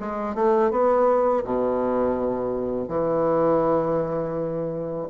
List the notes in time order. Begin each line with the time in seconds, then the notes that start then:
0.00 G#3
0.36 A3
0.71 B3
1.45 B2
2.89 E3